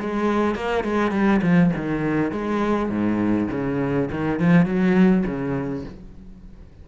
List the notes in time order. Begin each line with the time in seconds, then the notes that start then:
0.00 G#3
0.55 A#3
0.84 G#3
1.11 G3
1.42 F3
1.76 D#3
2.32 G#3
2.90 G#2
3.51 C#3
4.11 D#3
4.39 F3
4.66 F#3
5.26 C#3